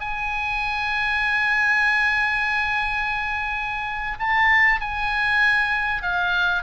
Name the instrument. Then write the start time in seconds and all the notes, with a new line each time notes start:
oboe
0.00 G#5
4.19 A5
4.81 G#5
6.02 F5